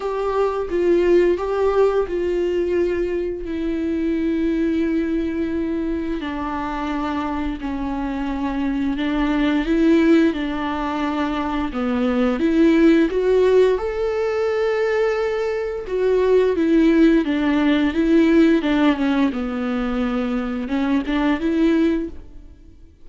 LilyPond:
\new Staff \with { instrumentName = "viola" } { \time 4/4 \tempo 4 = 87 g'4 f'4 g'4 f'4~ | f'4 e'2.~ | e'4 d'2 cis'4~ | cis'4 d'4 e'4 d'4~ |
d'4 b4 e'4 fis'4 | a'2. fis'4 | e'4 d'4 e'4 d'8 cis'8 | b2 cis'8 d'8 e'4 | }